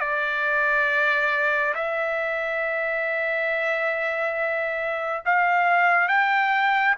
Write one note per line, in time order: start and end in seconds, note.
0.00 1.74 D5
1.75 5.23 E5
5.25 6.08 F5
6.08 6.95 G5